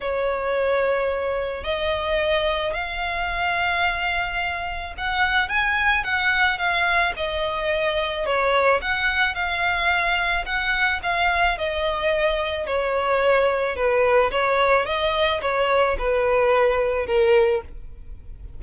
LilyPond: \new Staff \with { instrumentName = "violin" } { \time 4/4 \tempo 4 = 109 cis''2. dis''4~ | dis''4 f''2.~ | f''4 fis''4 gis''4 fis''4 | f''4 dis''2 cis''4 |
fis''4 f''2 fis''4 | f''4 dis''2 cis''4~ | cis''4 b'4 cis''4 dis''4 | cis''4 b'2 ais'4 | }